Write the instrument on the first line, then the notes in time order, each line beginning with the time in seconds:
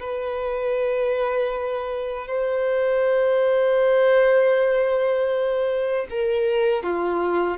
violin
0.00 B4
2.27 C5
6.10 A#4
6.84 F4